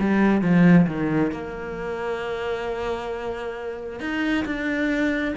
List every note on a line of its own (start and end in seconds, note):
0.00 0.42 G3
0.42 0.87 F3
0.87 1.32 D#3
1.32 4.00 A#3
4.00 4.45 D#4
4.45 5.35 D4